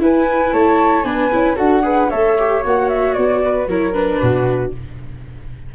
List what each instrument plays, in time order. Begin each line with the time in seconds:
0.00 viola E4, tuba E4, flute B4 G#5
0.52 tuba A3, flute C#5 A5
1.03 tuba B3, viola D4, flute B4 G#5
1.32 tuba C#4, viola E4
1.55 tuba D4, viola F#4, flute A4 F#5
1.83 viola G#4, flute B4
2.10 tuba A3, viola A4, flute C#5 E5
2.39 viola G4
2.63 tuba A#3, viola F#4, flute F#5
2.89 flute E5
3.14 tuba B3, flute D5
3.44 flute B4
3.68 tuba F#3, viola E4, flute A#4 C#5
3.93 viola D4, flute B4
4.21 tuba B2, flute F#4